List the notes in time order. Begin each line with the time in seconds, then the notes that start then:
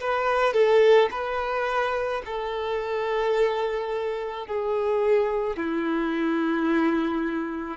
0.00 B4
0.54 A4
1.11 B4
2.25 A4
4.47 G#4
5.57 E4